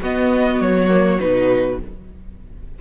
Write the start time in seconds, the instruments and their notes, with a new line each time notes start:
0.00 cello B3, viola B3, violin F#4 D#5
0.60 cello F#3, violin C#5
0.89 viola A#3
1.19 cello B2, viola D#4, violin B4